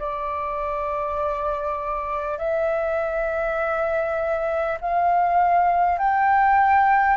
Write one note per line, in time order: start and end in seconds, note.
0.00 2.39 D5
2.39 4.79 E5
4.81 5.99 F5
5.99 7.17 G5